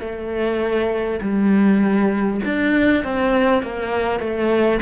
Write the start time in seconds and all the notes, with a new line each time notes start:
0.00 A3
1.22 G3
2.44 D4
3.04 C4
3.63 A#3
4.20 A3